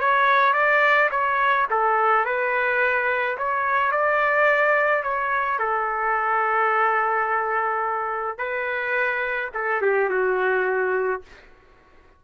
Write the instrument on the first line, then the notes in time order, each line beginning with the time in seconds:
trumpet
0.00 C#5
0.54 D5
1.11 C#5
1.71 A4
2.25 B4
3.38 C#5
3.92 D5
5.04 C#5
5.59 A4
8.38 B4
9.54 A4
9.82 G4
10.10 F#4